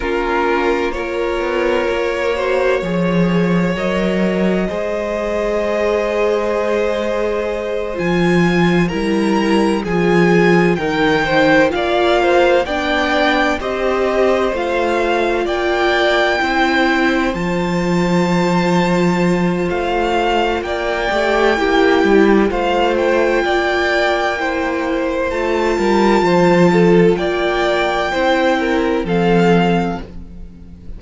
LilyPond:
<<
  \new Staff \with { instrumentName = "violin" } { \time 4/4 \tempo 4 = 64 ais'4 cis''2. | dis''1~ | dis''8 gis''4 ais''4 gis''4 g''8~ | g''8 f''4 g''4 dis''4 f''8~ |
f''8 g''2 a''4.~ | a''4 f''4 g''2 | f''8 g''2~ g''8 a''4~ | a''4 g''2 f''4 | }
  \new Staff \with { instrumentName = "violin" } { \time 4/4 f'4 ais'4. c''8 cis''4~ | cis''4 c''2.~ | c''4. ais'4 gis'4 ais'8 | c''8 d''8 c''8 d''4 c''4.~ |
c''8 d''4 c''2~ c''8~ | c''2 d''4 g'4 | c''4 d''4 c''4. ais'8 | c''8 a'8 d''4 c''8 ais'8 a'4 | }
  \new Staff \with { instrumentName = "viola" } { \time 4/4 cis'4 f'4. fis'8 gis'4 | ais'4 gis'2.~ | gis'8 f'4 e'4 f'4 dis'8~ | dis'8 f'4 d'4 g'4 f'8~ |
f'4. e'4 f'4.~ | f'2~ f'8 g'8 e'4 | f'2 e'4 f'4~ | f'2 e'4 c'4 | }
  \new Staff \with { instrumentName = "cello" } { \time 4/4 ais4. b8 ais4 f4 | fis4 gis2.~ | gis8 f4 g4 f4 dis8~ | dis8 ais4 b4 c'4 a8~ |
a8 ais4 c'4 f4.~ | f4 a4 ais8 a8 ais8 g8 | a4 ais2 a8 g8 | f4 ais4 c'4 f4 | }
>>